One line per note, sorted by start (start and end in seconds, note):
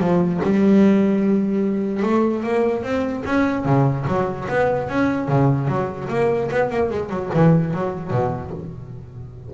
0.00 0.41 F3
0.44 2.03 G3
2.03 2.44 A3
2.44 2.83 A#3
2.83 3.24 C4
3.26 3.65 C#4
3.65 4.06 C#3
4.08 4.48 F#3
4.49 4.89 B3
4.89 5.29 C#4
5.29 5.68 C#3
5.68 6.09 F#3
6.09 6.50 A#3
6.51 6.70 B3
6.70 6.90 A#3
6.90 7.10 G#3
7.10 7.30 F#3
7.34 7.74 E3
7.74 8.11 F#3
8.11 8.52 B2